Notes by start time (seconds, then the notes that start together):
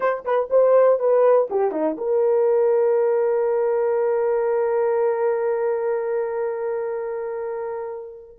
0.00 C5
0.24 B4
0.50 C5
0.99 B4
1.50 G4
1.71 D#4
1.97 A#4